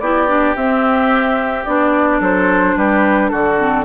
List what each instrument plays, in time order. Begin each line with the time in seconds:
0.00 bassoon B3, clarinet E4, oboe G4, flute D5
0.28 clarinet D4
0.56 bassoon C4, clarinet C4, flute E5
1.65 bassoon B3, clarinet D4, flute D5
2.20 bassoon F#3, oboe A4, flute C5
2.76 bassoon G3, oboe G4, flute B4
3.29 bassoon D3, oboe F#4, flute A4
3.58 clarinet C4